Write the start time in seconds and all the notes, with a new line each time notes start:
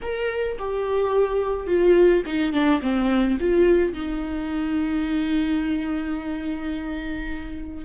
0.02 A#4
0.58 G4
1.66 F4
2.26 D#4
2.52 D4
2.81 C4
3.40 F4
3.93 D#4